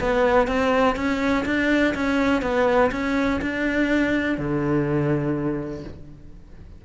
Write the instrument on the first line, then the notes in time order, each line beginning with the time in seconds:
cello
0.00 B3
0.48 C4
0.96 C#4
1.46 D4
1.95 C#4
2.42 B3
2.92 C#4
3.42 D4
4.38 D3